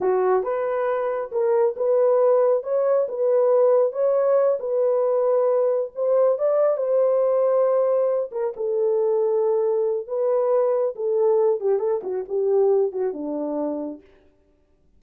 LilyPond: \new Staff \with { instrumentName = "horn" } { \time 4/4 \tempo 4 = 137 fis'4 b'2 ais'4 | b'2 cis''4 b'4~ | b'4 cis''4. b'4.~ | b'4. c''4 d''4 c''8~ |
c''2. ais'8 a'8~ | a'2. b'4~ | b'4 a'4. g'8 a'8 fis'8 | g'4. fis'8 d'2 | }